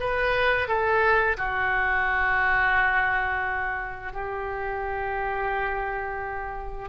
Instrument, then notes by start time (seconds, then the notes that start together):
oboe
0.00 B4
0.68 A4
1.37 F#4
4.13 G4